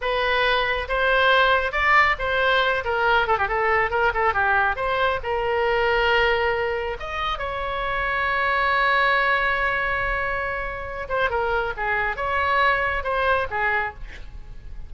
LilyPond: \new Staff \with { instrumentName = "oboe" } { \time 4/4 \tempo 4 = 138 b'2 c''2 | d''4 c''4. ais'4 a'16 g'16 | a'4 ais'8 a'8 g'4 c''4 | ais'1 |
dis''4 cis''2.~ | cis''1~ | cis''4. c''8 ais'4 gis'4 | cis''2 c''4 gis'4 | }